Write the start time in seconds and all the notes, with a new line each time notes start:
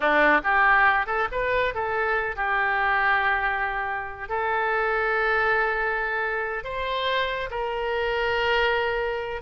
0.00 D4
0.43 G4
1.06 A4
1.31 B4
1.74 A4
2.36 G4
4.28 A4
6.64 C5
7.50 A#4